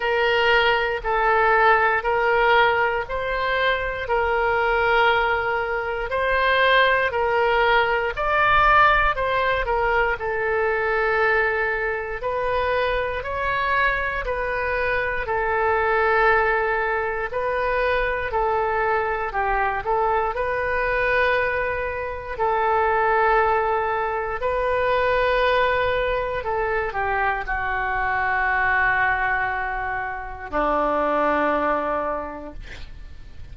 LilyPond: \new Staff \with { instrumentName = "oboe" } { \time 4/4 \tempo 4 = 59 ais'4 a'4 ais'4 c''4 | ais'2 c''4 ais'4 | d''4 c''8 ais'8 a'2 | b'4 cis''4 b'4 a'4~ |
a'4 b'4 a'4 g'8 a'8 | b'2 a'2 | b'2 a'8 g'8 fis'4~ | fis'2 d'2 | }